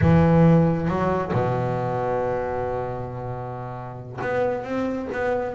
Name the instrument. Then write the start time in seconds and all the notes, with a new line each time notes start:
double bass
0.01 E3
0.87 F#3
1.33 B2
4.21 B3
4.64 C4
5.12 B3